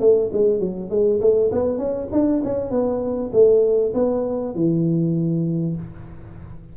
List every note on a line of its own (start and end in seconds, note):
0.00 0.30 A3
0.33 0.60 G#3
0.60 0.90 F#3
0.90 1.20 G#3
1.21 1.51 A3
1.52 1.78 B3
1.78 2.08 C#4
2.12 2.42 D4
2.44 2.70 C#4
2.70 3.31 B3
3.33 3.93 A3
3.94 4.55 B3
4.55 5.76 E3